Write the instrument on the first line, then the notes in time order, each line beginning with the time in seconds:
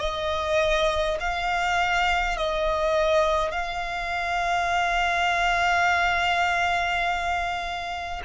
violin
0.00 D#5
1.20 F5
2.37 D#5
3.51 F5